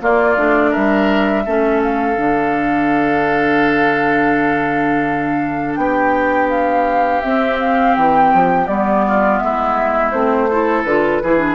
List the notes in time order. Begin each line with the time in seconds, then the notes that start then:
0.00 A#3 F4 D5
0.37 A3 D4
0.71 G3 A#4 E5
1.45 A3 C#4 A4
1.83 F5
2.15 D3 D4
5.75 B3 G4 G5
6.49 F5
7.21 C4 E5
7.59 F5
7.95 E3 G5
8.33 F3
8.67 G3 B3 D5
9.07 F4
9.38 G#3 E4 E5
10.11 A3 C4 C5
10.50 E4 A4
10.83 D3 F4 B4
11.22 E3 E4 G#4
11.38 D4